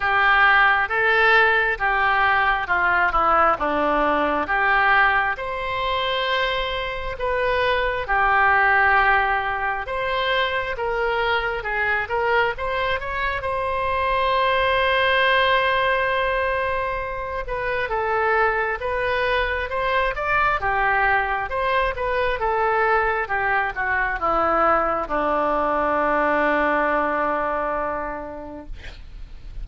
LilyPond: \new Staff \with { instrumentName = "oboe" } { \time 4/4 \tempo 4 = 67 g'4 a'4 g'4 f'8 e'8 | d'4 g'4 c''2 | b'4 g'2 c''4 | ais'4 gis'8 ais'8 c''8 cis''8 c''4~ |
c''2.~ c''8 b'8 | a'4 b'4 c''8 d''8 g'4 | c''8 b'8 a'4 g'8 fis'8 e'4 | d'1 | }